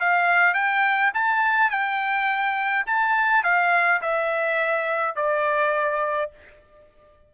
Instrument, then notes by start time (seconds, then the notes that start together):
trumpet
0.00 F5
0.54 G5
1.14 A5
1.71 G5
2.87 A5
3.44 F5
4.02 E5
5.16 D5